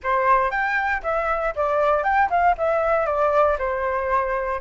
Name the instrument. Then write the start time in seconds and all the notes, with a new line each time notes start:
flute
0.03 C5
0.50 G5
1.03 E5
1.55 D5
2.03 G5
2.30 F5
2.57 E5
3.06 D5
3.58 C5